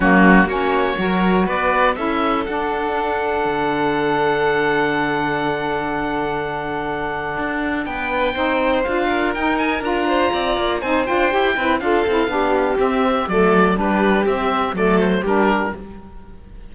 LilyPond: <<
  \new Staff \with { instrumentName = "oboe" } { \time 4/4 \tempo 4 = 122 fis'4 cis''2 d''4 | e''4 fis''2.~ | fis''1~ | fis''1 |
g''2 f''4 g''8 gis''8 | ais''2 gis''8 g''4. | f''2 e''4 d''4 | b'4 e''4 d''8 c''8 ais'4 | }
  \new Staff \with { instrumentName = "violin" } { \time 4/4 cis'4 fis'4 ais'4 b'4 | a'1~ | a'1~ | a'1 |
b'4 c''4. ais'4.~ | ais'8 c''8 d''4 c''4. b'8 | a'4 g'2 a'4 | g'2 a'4 g'4 | }
  \new Staff \with { instrumentName = "saxophone" } { \time 4/4 ais4 cis'4 fis'2 | e'4 d'2.~ | d'1~ | d'1~ |
d'4 dis'4 f'4 dis'4 | f'2 dis'8 f'8 g'8 e'8 | f'8 e'8 d'4 c'4 a4 | d'4 c'4 a4 d'4 | }
  \new Staff \with { instrumentName = "cello" } { \time 4/4 fis4 ais4 fis4 b4 | cis'4 d'2 d4~ | d1~ | d2. d'4 |
b4 c'4 d'4 dis'4 | d'4 c'8 ais8 c'8 d'8 e'8 c'8 | d'8 c'8 b4 c'4 fis4 | g4 c'4 fis4 g4 | }
>>